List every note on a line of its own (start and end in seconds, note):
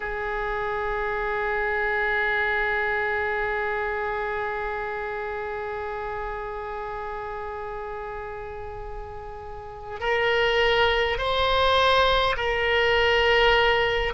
0.00 10.00 G#4
10.00 11.18 A#4
11.18 12.35 C5
12.36 14.13 A#4